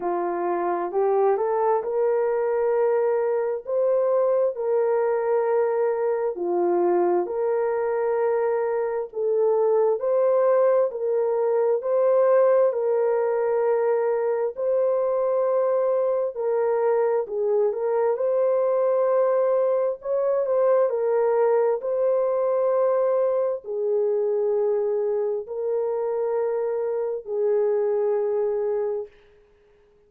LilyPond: \new Staff \with { instrumentName = "horn" } { \time 4/4 \tempo 4 = 66 f'4 g'8 a'8 ais'2 | c''4 ais'2 f'4 | ais'2 a'4 c''4 | ais'4 c''4 ais'2 |
c''2 ais'4 gis'8 ais'8 | c''2 cis''8 c''8 ais'4 | c''2 gis'2 | ais'2 gis'2 | }